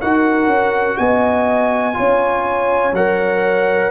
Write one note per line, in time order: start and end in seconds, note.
0.00 0.46 D#4
0.00 1.93 F#4
0.00 0.98 A#4
0.00 0.97 F#5
0.46 0.95 C#4
0.97 1.97 B3
0.97 1.97 D#5
0.97 2.94 G#5
1.93 2.92 C#4
1.93 2.91 F4
1.93 3.90 C#5
2.92 3.90 F#3
2.92 3.90 A#4
2.92 3.90 F#5